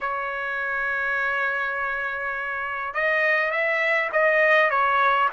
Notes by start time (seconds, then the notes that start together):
0.00 C#5
2.94 D#5
3.51 E5
4.12 D#5
4.70 C#5